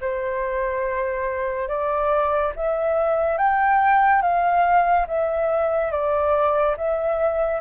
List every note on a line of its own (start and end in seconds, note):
0.00 1.68 C5
1.68 2.52 D5
2.55 3.38 E5
3.38 4.21 G5
4.21 5.06 F5
5.07 5.91 E5
5.91 6.76 D5
6.77 7.60 E5